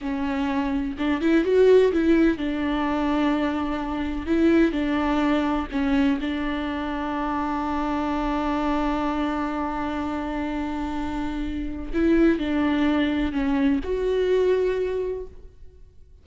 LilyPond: \new Staff \with { instrumentName = "viola" } { \time 4/4 \tempo 4 = 126 cis'2 d'8 e'8 fis'4 | e'4 d'2.~ | d'4 e'4 d'2 | cis'4 d'2.~ |
d'1~ | d'1~ | d'4 e'4 d'2 | cis'4 fis'2. | }